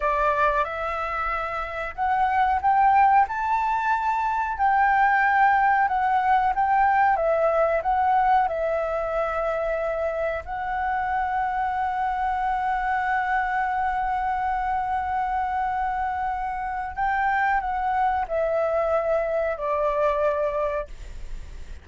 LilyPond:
\new Staff \with { instrumentName = "flute" } { \time 4/4 \tempo 4 = 92 d''4 e''2 fis''4 | g''4 a''2 g''4~ | g''4 fis''4 g''4 e''4 | fis''4 e''2. |
fis''1~ | fis''1~ | fis''2 g''4 fis''4 | e''2 d''2 | }